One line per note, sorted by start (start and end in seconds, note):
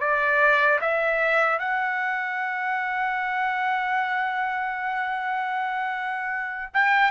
0.00 0.79 D5
0.81 1.59 E5
1.59 6.72 F#5
6.74 7.11 G5